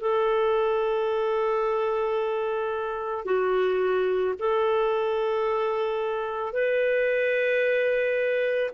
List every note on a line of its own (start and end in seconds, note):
0.00 3.25 A4
3.25 4.34 F#4
4.39 6.53 A4
6.53 8.71 B4